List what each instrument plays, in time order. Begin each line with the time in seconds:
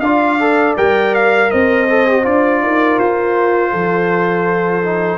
0.00 tuba D4, trombone F4, horn D5, trumpet F5
0.40 trombone A4
0.77 tuba G3, trombone A#4, trumpet G5
1.14 trumpet F5
1.50 tuba C4, horn C5, trumpet D#5
1.89 trombone A4
2.07 trombone G4
2.23 tuba D4, trombone F4, trumpet D5
2.61 tuba D#4, horn A#4
2.99 tuba F4, trumpet C5
3.71 tuba F3, horn A4
4.83 trombone D#4